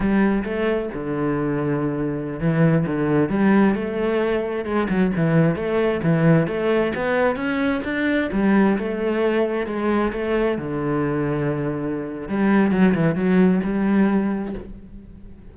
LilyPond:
\new Staff \with { instrumentName = "cello" } { \time 4/4 \tempo 4 = 132 g4 a4 d2~ | d4~ d16 e4 d4 g8.~ | g16 a2 gis8 fis8 e8.~ | e16 a4 e4 a4 b8.~ |
b16 cis'4 d'4 g4 a8.~ | a4~ a16 gis4 a4 d8.~ | d2. g4 | fis8 e8 fis4 g2 | }